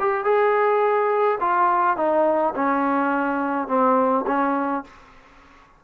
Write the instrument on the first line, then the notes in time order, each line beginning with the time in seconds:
trombone
0.00 G4
0.25 G#4
1.41 F4
1.97 D#4
2.56 C#4
3.68 C4
4.27 C#4